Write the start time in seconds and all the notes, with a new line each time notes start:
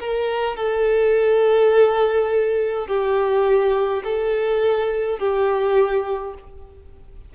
0.00 A#4
0.57 A4
2.87 G4
4.04 A4
5.19 G4